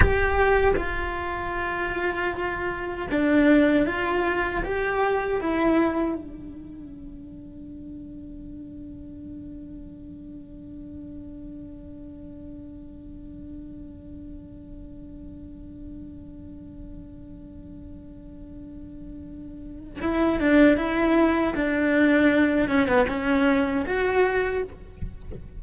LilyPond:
\new Staff \with { instrumentName = "cello" } { \time 4/4 \tempo 4 = 78 g'4 f'2. | d'4 f'4 g'4 e'4 | d'1~ | d'1~ |
d'1~ | d'1~ | d'2 e'8 d'8 e'4 | d'4. cis'16 b16 cis'4 fis'4 | }